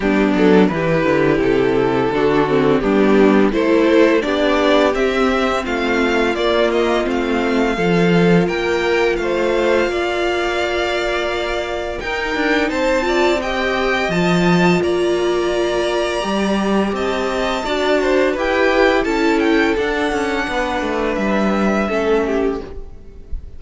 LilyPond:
<<
  \new Staff \with { instrumentName = "violin" } { \time 4/4 \tempo 4 = 85 g'8 a'8 b'4 a'2 | g'4 c''4 d''4 e''4 | f''4 d''8 dis''8 f''2 | g''4 f''2.~ |
f''4 g''4 a''4 g''4 | a''4 ais''2. | a''2 g''4 a''8 g''8 | fis''2 e''2 | }
  \new Staff \with { instrumentName = "violin" } { \time 4/4 d'4 g'2 fis'4 | d'4 a'4 g'2 | f'2. a'4 | ais'4 c''4 d''2~ |
d''4 ais'4 c''8 d''8 dis''4~ | dis''4 d''2. | dis''4 d''8 c''8 b'4 a'4~ | a'4 b'2 a'8 g'8 | }
  \new Staff \with { instrumentName = "viola" } { \time 4/4 b4 e'2 d'8 c'8 | b4 e'4 d'4 c'4~ | c'4 ais4 c'4 f'4~ | f'1~ |
f'4 dis'4. f'8 g'4 | f'2. g'4~ | g'4 fis'4 g'4 e'4 | d'2. cis'4 | }
  \new Staff \with { instrumentName = "cello" } { \time 4/4 g8 fis8 e8 d8 c4 d4 | g4 a4 b4 c'4 | a4 ais4 a4 f4 | ais4 a4 ais2~ |
ais4 dis'8 d'8 c'2 | f4 ais2 g4 | c'4 d'4 e'4 cis'4 | d'8 cis'8 b8 a8 g4 a4 | }
>>